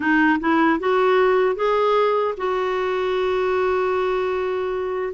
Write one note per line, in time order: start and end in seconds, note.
0.00 0.39 D#4
0.39 0.79 E4
0.79 1.55 F#4
1.55 2.34 G#4
2.37 5.13 F#4